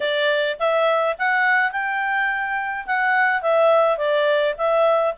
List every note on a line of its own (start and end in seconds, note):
0.00 0.57 D5
0.59 1.16 E5
1.18 1.71 F#5
1.71 2.86 G5
2.86 3.41 F#5
3.41 3.97 E5
3.97 4.54 D5
4.57 5.14 E5